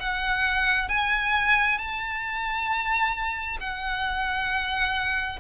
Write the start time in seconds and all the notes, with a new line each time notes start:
0.00 F#5
0.89 G#5
1.78 A5
3.60 F#5